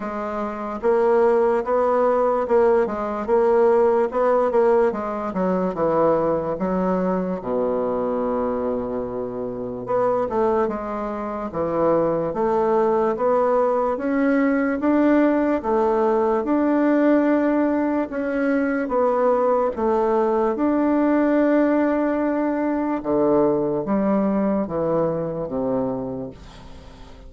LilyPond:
\new Staff \with { instrumentName = "bassoon" } { \time 4/4 \tempo 4 = 73 gis4 ais4 b4 ais8 gis8 | ais4 b8 ais8 gis8 fis8 e4 | fis4 b,2. | b8 a8 gis4 e4 a4 |
b4 cis'4 d'4 a4 | d'2 cis'4 b4 | a4 d'2. | d4 g4 e4 c4 | }